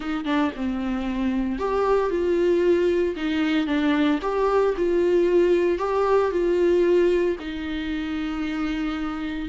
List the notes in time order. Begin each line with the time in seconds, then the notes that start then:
0.00 D#4
0.25 D4
0.56 C4
1.58 G4
2.09 F4
3.16 D#4
3.66 D4
4.22 G4
4.76 F4
5.78 G4
6.31 F4
7.39 D#4